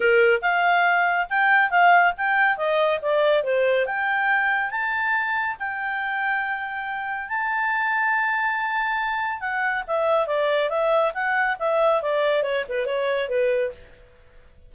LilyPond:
\new Staff \with { instrumentName = "clarinet" } { \time 4/4 \tempo 4 = 140 ais'4 f''2 g''4 | f''4 g''4 dis''4 d''4 | c''4 g''2 a''4~ | a''4 g''2.~ |
g''4 a''2.~ | a''2 fis''4 e''4 | d''4 e''4 fis''4 e''4 | d''4 cis''8 b'8 cis''4 b'4 | }